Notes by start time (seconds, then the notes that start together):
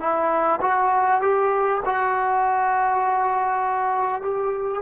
0.00 E4
0.62 F#4
1.22 G4
1.85 F#4
4.22 G4